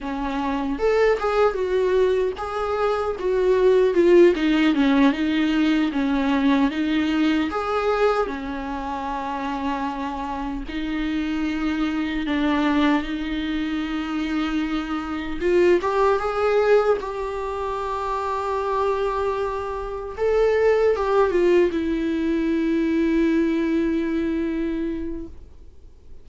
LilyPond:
\new Staff \with { instrumentName = "viola" } { \time 4/4 \tempo 4 = 76 cis'4 a'8 gis'8 fis'4 gis'4 | fis'4 f'8 dis'8 cis'8 dis'4 cis'8~ | cis'8 dis'4 gis'4 cis'4.~ | cis'4. dis'2 d'8~ |
d'8 dis'2. f'8 | g'8 gis'4 g'2~ g'8~ | g'4. a'4 g'8 f'8 e'8~ | e'1 | }